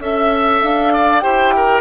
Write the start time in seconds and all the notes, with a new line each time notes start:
0.00 C#4 A4 E5
0.62 D4 F5
0.93 D5
1.20 E4 G4 C5 G5
1.57 A#4